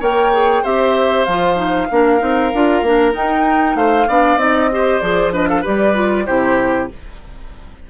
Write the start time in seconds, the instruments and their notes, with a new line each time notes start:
0.00 bassoon A#3, clarinet A#4, oboe C#5, flute G5
0.33 clarinet G#4
0.62 bassoon C4, clarinet G4, oboe C5, flute E5
1.24 bassoon F3, clarinet F4, flute F5
1.55 clarinet D#4
1.90 bassoon A#3, clarinet D4, oboe A#4
2.19 bassoon C4, clarinet D#4
2.53 bassoon D4, clarinet F4
2.82 bassoon A#3, clarinet D4
3.11 clarinet D#4, bassoon D#4, flute G5
3.74 bassoon A3, oboe C5, flute F5
4.08 bassoon B3, clarinet D4, oboe D5
4.36 bassoon C4, clarinet D#4, flute D#5
4.71 clarinet G4, oboe C5
4.99 bassoon F3, clarinet G#4, flute D5
5.32 clarinet D4, oboe B4, flute D#5
5.48 oboe A4, flute F5
5.61 bassoon G3, clarinet G4, oboe B4, flute D5
5.94 clarinet F4
6.25 bassoon C3, clarinet E4, oboe G4, flute C5